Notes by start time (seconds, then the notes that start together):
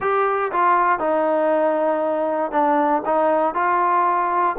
0.00 G4
0.52 F4
0.99 D#4
2.51 D4
3.05 D#4
3.54 F4